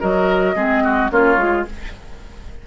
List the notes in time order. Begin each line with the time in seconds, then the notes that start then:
0.00 F#3 F#4 A#4 D#5
0.55 G#3 C4 G#4
0.83 F#4
1.10 A#3 C#4 F4 C#5
1.37 G#3 F4